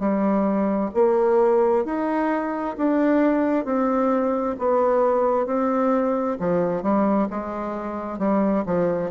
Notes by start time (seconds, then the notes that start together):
0.00 G3
0.95 A#3
1.86 D#4
2.78 D4
3.66 C4
4.59 B3
5.47 C4
6.40 F3
6.83 G3
7.31 G#3
8.19 G3
8.67 F3